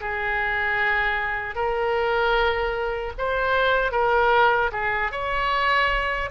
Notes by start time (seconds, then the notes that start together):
0.00 G#4
1.55 A#4
3.18 C5
3.92 A#4
4.72 G#4
5.11 C#5